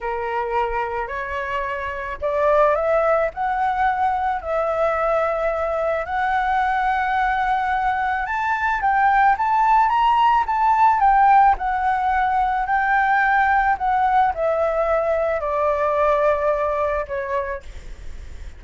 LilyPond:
\new Staff \with { instrumentName = "flute" } { \time 4/4 \tempo 4 = 109 ais'2 cis''2 | d''4 e''4 fis''2 | e''2. fis''4~ | fis''2. a''4 |
g''4 a''4 ais''4 a''4 | g''4 fis''2 g''4~ | g''4 fis''4 e''2 | d''2. cis''4 | }